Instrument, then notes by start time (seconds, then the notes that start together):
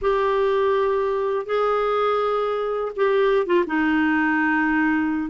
clarinet
0.01 G4
1.45 G#4
2.95 G4
3.46 F4
3.66 D#4